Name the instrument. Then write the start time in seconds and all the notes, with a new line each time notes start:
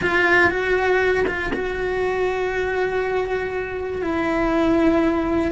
cello
0.02 F4
0.50 F#4
1.27 F4
1.53 F#4
4.01 E4